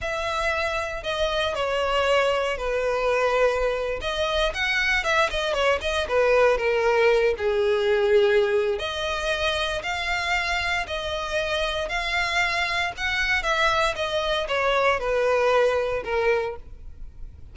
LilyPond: \new Staff \with { instrumentName = "violin" } { \time 4/4 \tempo 4 = 116 e''2 dis''4 cis''4~ | cis''4 b'2~ b'8. dis''16~ | dis''8. fis''4 e''8 dis''8 cis''8 dis''8 b'16~ | b'8. ais'4. gis'4.~ gis'16~ |
gis'4 dis''2 f''4~ | f''4 dis''2 f''4~ | f''4 fis''4 e''4 dis''4 | cis''4 b'2 ais'4 | }